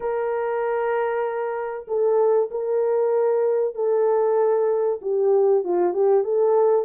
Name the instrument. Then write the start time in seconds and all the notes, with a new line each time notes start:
horn
0.00 A#4
1.87 A4
2.50 A#4
3.74 A4
5.01 G4
5.63 F4
5.93 G4
6.23 A4